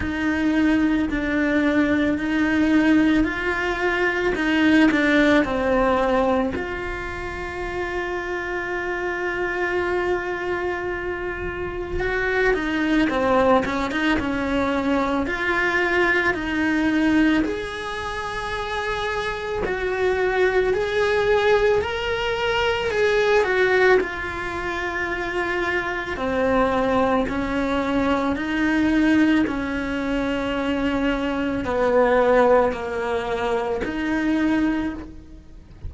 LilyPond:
\new Staff \with { instrumentName = "cello" } { \time 4/4 \tempo 4 = 55 dis'4 d'4 dis'4 f'4 | dis'8 d'8 c'4 f'2~ | f'2. fis'8 dis'8 | c'8 cis'16 dis'16 cis'4 f'4 dis'4 |
gis'2 fis'4 gis'4 | ais'4 gis'8 fis'8 f'2 | c'4 cis'4 dis'4 cis'4~ | cis'4 b4 ais4 dis'4 | }